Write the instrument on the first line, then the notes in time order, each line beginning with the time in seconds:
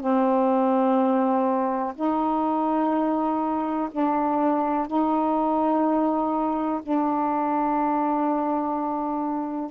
saxophone
0.00 C4
1.95 D#4
3.91 D4
4.87 D#4
6.83 D4